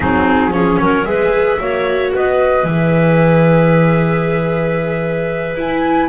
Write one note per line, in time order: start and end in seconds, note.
0.00 0.51 F#3
0.00 0.51 C4
0.00 0.51 D#4
0.00 0.52 G#4
0.51 0.77 F3
0.51 1.04 C#4
0.51 0.79 G#4
0.51 1.04 C#5
0.80 1.05 F#3
0.80 1.07 A#4
1.04 1.58 G#3
1.04 1.58 G#4
1.04 1.60 B4
1.04 2.10 E5
1.59 2.12 A#3
1.59 2.65 F#4
1.59 2.13 C#5
2.13 2.63 B3
2.13 6.08 B4
2.13 2.65 D#5
2.63 5.55 E3
2.63 5.57 G#4
2.63 5.57 E5
5.55 6.08 E4
5.55 6.08 G#5